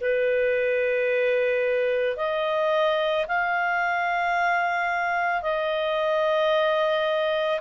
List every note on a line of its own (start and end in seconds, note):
0.00 2.16 B4
2.16 3.25 D#5
3.27 5.41 F5
5.41 7.60 D#5